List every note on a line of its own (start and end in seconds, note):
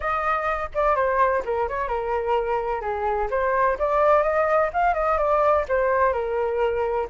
0.00 0.69 D#5
0.74 0.95 D5
0.95 1.42 C5
1.45 1.68 A#4
1.68 1.88 C#5
1.88 2.81 A#4
2.81 3.28 G#4
3.30 3.77 C5
3.78 4.22 D5
4.22 4.70 D#5
4.73 4.93 F5
4.93 5.17 D#5
5.17 5.65 D5
5.68 6.12 C5
6.12 7.07 A#4